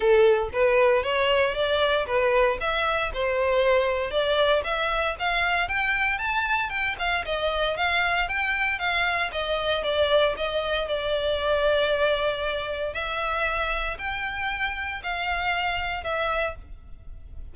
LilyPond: \new Staff \with { instrumentName = "violin" } { \time 4/4 \tempo 4 = 116 a'4 b'4 cis''4 d''4 | b'4 e''4 c''2 | d''4 e''4 f''4 g''4 | a''4 g''8 f''8 dis''4 f''4 |
g''4 f''4 dis''4 d''4 | dis''4 d''2.~ | d''4 e''2 g''4~ | g''4 f''2 e''4 | }